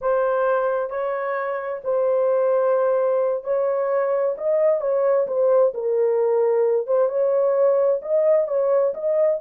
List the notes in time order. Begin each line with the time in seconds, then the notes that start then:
0.01 C5
0.90 C#5
1.84 C5
3.44 C#5
4.37 D#5
4.80 C#5
5.27 C5
5.74 A#4
6.86 C5
7.09 C#5
8.02 D#5
8.47 C#5
8.94 D#5